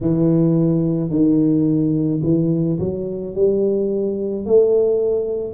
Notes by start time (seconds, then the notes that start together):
0.01 E3
1.10 D#3
2.23 E3
2.79 F#3
3.34 G3
4.45 A3